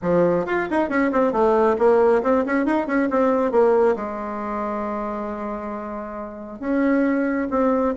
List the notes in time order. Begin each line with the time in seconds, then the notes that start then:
0.02 F3
0.46 F4
0.70 D#4
0.89 C#4
1.11 C4
1.32 A3
1.78 A#3
2.23 C4
2.45 C#4
2.65 D#4
2.87 C#4
3.10 C4
3.51 A#3
3.96 G#3
6.59 C#4
7.50 C4